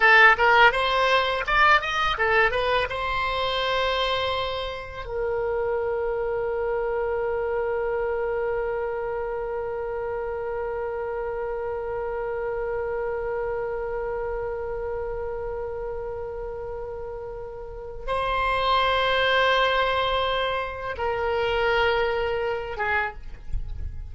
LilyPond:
\new Staff \with { instrumentName = "oboe" } { \time 4/4 \tempo 4 = 83 a'8 ais'8 c''4 d''8 dis''8 a'8 b'8 | c''2. ais'4~ | ais'1~ | ais'1~ |
ais'1~ | ais'1~ | ais'4 c''2.~ | c''4 ais'2~ ais'8 gis'8 | }